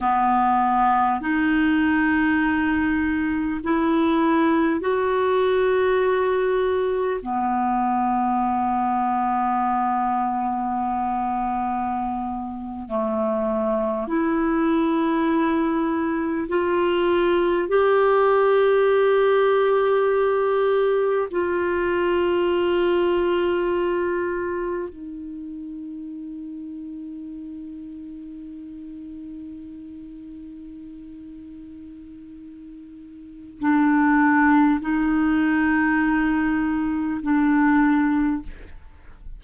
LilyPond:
\new Staff \with { instrumentName = "clarinet" } { \time 4/4 \tempo 4 = 50 b4 dis'2 e'4 | fis'2 b2~ | b2~ b8. a4 e'16~ | e'4.~ e'16 f'4 g'4~ g'16~ |
g'4.~ g'16 f'2~ f'16~ | f'8. dis'2.~ dis'16~ | dis'1 | d'4 dis'2 d'4 | }